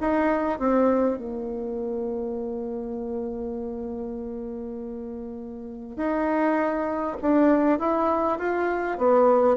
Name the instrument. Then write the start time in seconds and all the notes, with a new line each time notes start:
bassoon
0.00 D#4
0.59 C4
1.18 A#3
5.96 D#4
7.21 D4
7.79 E4
8.38 F4
8.97 B3